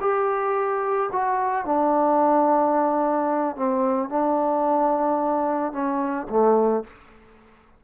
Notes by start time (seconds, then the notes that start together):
0.00 G4
1.12 F#4
1.65 D4
3.56 C4
4.09 D4
5.72 C#4
6.29 A3